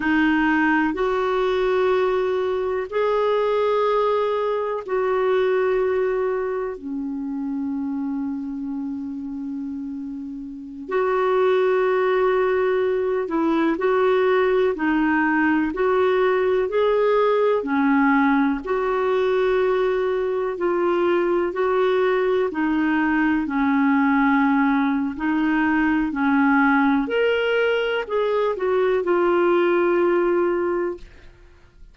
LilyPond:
\new Staff \with { instrumentName = "clarinet" } { \time 4/4 \tempo 4 = 62 dis'4 fis'2 gis'4~ | gis'4 fis'2 cis'4~ | cis'2.~ cis'16 fis'8.~ | fis'4.~ fis'16 e'8 fis'4 dis'8.~ |
dis'16 fis'4 gis'4 cis'4 fis'8.~ | fis'4~ fis'16 f'4 fis'4 dis'8.~ | dis'16 cis'4.~ cis'16 dis'4 cis'4 | ais'4 gis'8 fis'8 f'2 | }